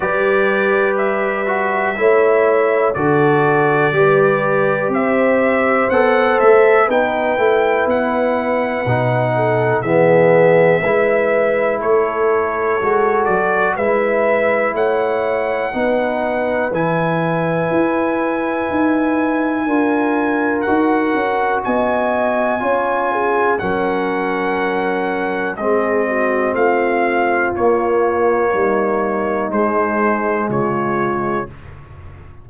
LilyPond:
<<
  \new Staff \with { instrumentName = "trumpet" } { \time 4/4 \tempo 4 = 61 d''4 e''2 d''4~ | d''4 e''4 fis''8 e''8 g''4 | fis''2 e''2 | cis''4. d''8 e''4 fis''4~ |
fis''4 gis''2.~ | gis''4 fis''4 gis''2 | fis''2 dis''4 f''4 | cis''2 c''4 cis''4 | }
  \new Staff \with { instrumentName = "horn" } { \time 4/4 b'2 cis''4 a'4 | b'4 c''2 b'4~ | b'4. a'8 gis'4 b'4 | a'2 b'4 cis''4 |
b'1 | ais'2 dis''4 cis''8 gis'8 | ais'2 gis'8 fis'8 f'4~ | f'4 dis'2 f'4 | }
  \new Staff \with { instrumentName = "trombone" } { \time 4/4 g'4. fis'8 e'4 fis'4 | g'2 a'4 dis'8 e'8~ | e'4 dis'4 b4 e'4~ | e'4 fis'4 e'2 |
dis'4 e'2. | f'4 fis'2 f'4 | cis'2 c'2 | ais2 gis2 | }
  \new Staff \with { instrumentName = "tuba" } { \time 4/4 g2 a4 d4 | g4 c'4 b8 a8 b8 a8 | b4 b,4 e4 gis4 | a4 gis8 fis8 gis4 a4 |
b4 e4 e'4 dis'4 | d'4 dis'8 cis'8 b4 cis'4 | fis2 gis4 a4 | ais4 g4 gis4 cis4 | }
>>